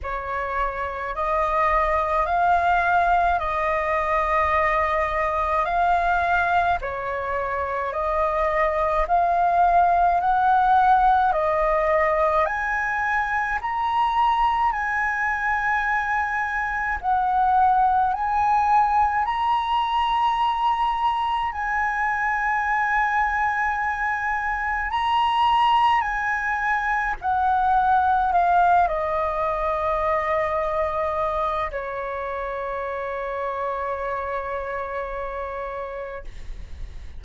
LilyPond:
\new Staff \with { instrumentName = "flute" } { \time 4/4 \tempo 4 = 53 cis''4 dis''4 f''4 dis''4~ | dis''4 f''4 cis''4 dis''4 | f''4 fis''4 dis''4 gis''4 | ais''4 gis''2 fis''4 |
gis''4 ais''2 gis''4~ | gis''2 ais''4 gis''4 | fis''4 f''8 dis''2~ dis''8 | cis''1 | }